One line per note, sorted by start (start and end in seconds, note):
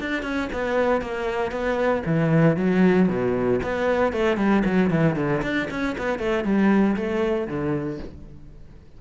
0.00 0.23 D4
0.23 0.49 C#4
0.52 1.01 B3
1.01 1.51 A#3
1.51 2.03 B3
2.06 2.57 E3
2.57 3.08 F#3
3.08 3.60 B2
3.63 4.12 B3
4.12 4.37 A3
4.37 4.63 G3
4.65 4.90 F#3
4.90 5.16 E3
5.16 5.42 D3
5.42 5.68 D4
5.70 5.96 C#4
5.98 6.19 B3
6.19 6.44 A3
6.44 6.96 G3
6.96 7.47 A3
7.47 7.99 D3